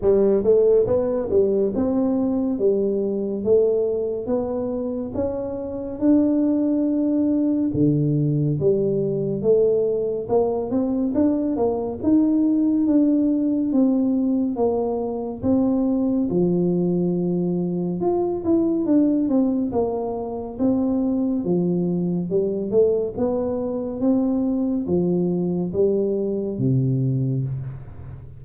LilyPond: \new Staff \with { instrumentName = "tuba" } { \time 4/4 \tempo 4 = 70 g8 a8 b8 g8 c'4 g4 | a4 b4 cis'4 d'4~ | d'4 d4 g4 a4 | ais8 c'8 d'8 ais8 dis'4 d'4 |
c'4 ais4 c'4 f4~ | f4 f'8 e'8 d'8 c'8 ais4 | c'4 f4 g8 a8 b4 | c'4 f4 g4 c4 | }